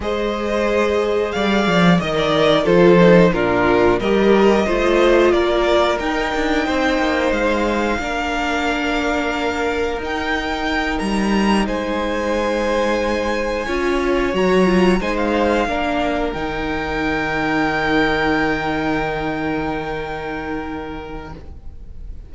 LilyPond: <<
  \new Staff \with { instrumentName = "violin" } { \time 4/4 \tempo 4 = 90 dis''2 f''4 dis''16 d''8. | c''4 ais'4 dis''2 | d''4 g''2 f''4~ | f''2. g''4~ |
g''8 ais''4 gis''2~ gis''8~ | gis''4. ais''4 gis''16 f''4~ f''16~ | f''8 g''2.~ g''8~ | g''1 | }
  \new Staff \with { instrumentName = "violin" } { \time 4/4 c''2 d''4 dis''4 | a'4 f'4 ais'4 c''4 | ais'2 c''2 | ais'1~ |
ais'4. c''2~ c''8~ | c''8 cis''2 c''4 ais'8~ | ais'1~ | ais'1 | }
  \new Staff \with { instrumentName = "viola" } { \time 4/4 gis'2. ais'4 | f'8 dis'8 d'4 g'4 f'4~ | f'4 dis'2. | d'2. dis'4~ |
dis'1~ | dis'8 f'4 fis'8 f'8 dis'4 d'8~ | d'8 dis'2.~ dis'8~ | dis'1 | }
  \new Staff \with { instrumentName = "cello" } { \time 4/4 gis2 g8 f8 dis4 | f4 ais,4 g4 a4 | ais4 dis'8 d'8 c'8 ais8 gis4 | ais2. dis'4~ |
dis'8 g4 gis2~ gis8~ | gis8 cis'4 fis4 gis4 ais8~ | ais8 dis2.~ dis8~ | dis1 | }
>>